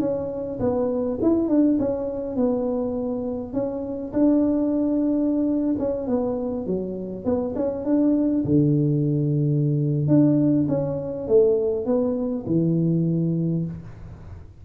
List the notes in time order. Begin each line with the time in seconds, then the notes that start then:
0.00 C#4
0.60 B3
1.22 E4
1.49 D4
1.80 C#4
2.37 B3
3.53 C#4
4.13 D4
5.79 C#4
6.08 B3
6.67 F#3
7.25 B3
7.56 C#4
7.85 D4
8.45 D3
10.08 D4
10.69 C#4
11.28 A3
11.86 B3
12.47 E3